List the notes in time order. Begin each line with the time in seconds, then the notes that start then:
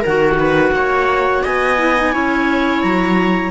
0.00 A#4 F#5
0.06 D#3 F#4
0.39 B4
0.71 A#3 C#5
1.44 B3 D#5 G#5
1.78 E4
1.96 D#4
2.13 C#4 E4 C#5
2.82 F#3 A#5